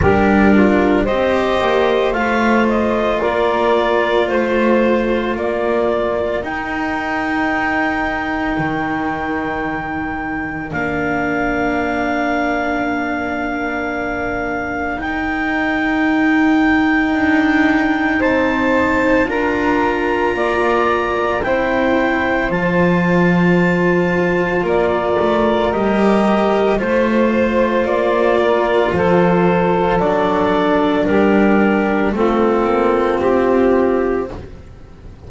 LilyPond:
<<
  \new Staff \with { instrumentName = "clarinet" } { \time 4/4 \tempo 4 = 56 ais'4 dis''4 f''8 dis''8 d''4 | c''4 d''4 g''2~ | g''2 f''2~ | f''2 g''2~ |
g''4 a''4 ais''2 | g''4 a''2 d''4 | dis''4 c''4 d''4 c''4 | d''4 ais'4 a'4 g'4 | }
  \new Staff \with { instrumentName = "saxophone" } { \time 4/4 g'8 f'8 c''2 ais'4 | c''4 ais'2.~ | ais'1~ | ais'1~ |
ais'4 c''4 ais'4 d''4 | c''2. ais'4~ | ais'4 c''4. ais'8 a'4~ | a'4 g'4 f'2 | }
  \new Staff \with { instrumentName = "cello" } { \time 4/4 d'4 g'4 f'2~ | f'2 dis'2~ | dis'2 d'2~ | d'2 dis'2~ |
dis'2 f'2 | e'4 f'2. | g'4 f'2. | d'2 c'2 | }
  \new Staff \with { instrumentName = "double bass" } { \time 4/4 g4 c'8 ais8 a4 ais4 | a4 ais4 dis'2 | dis2 ais2~ | ais2 dis'2 |
d'4 c'4 d'4 ais4 | c'4 f2 ais8 a8 | g4 a4 ais4 f4 | fis4 g4 a8 ais8 c'4 | }
>>